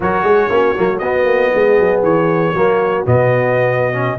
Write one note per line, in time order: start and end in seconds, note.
0.00 0.23 F#3
0.00 0.50 F#4
0.00 0.24 A#4
0.00 0.98 C#5
0.23 0.48 G#3
0.23 0.49 G#4
0.49 0.75 A#3
0.49 0.75 C#4
0.49 1.53 F#4
0.75 1.01 F#3
0.75 1.01 A#3
0.98 1.25 B3
0.98 2.54 B3
0.98 2.00 D#5
1.25 1.50 A#3
1.53 1.79 G#3
1.53 2.52 G#4
1.79 2.02 F#3
2.02 2.53 E3
2.02 3.05 C#5
2.52 3.05 F#3
2.52 3.05 A#3
2.52 4.17 F#4
3.05 4.18 B2
3.05 3.92 B3
3.05 4.18 D#5
3.92 4.18 C#4